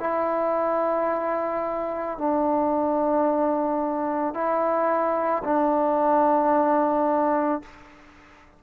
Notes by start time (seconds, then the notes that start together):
0.00 E4
2.18 D4
4.34 E4
5.44 D4